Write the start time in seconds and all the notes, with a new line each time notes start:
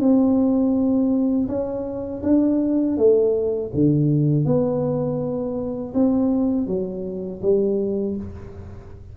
0.00 C4
1.48 C#4
2.23 D4
2.97 A3
3.74 D3
4.45 B3
5.95 C4
6.67 F#3
7.42 G3